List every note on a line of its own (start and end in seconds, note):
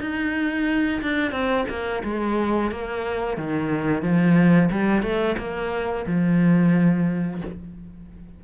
0.00 1.01 D#4
1.01 1.31 D4
1.31 1.65 C4
1.69 2.03 A#3
2.03 2.71 G#3
2.71 3.37 A#3
3.37 4.02 D#3
4.02 4.69 F3
4.70 5.02 G3
5.02 5.36 A3
5.38 6.05 A#3
6.06 7.41 F3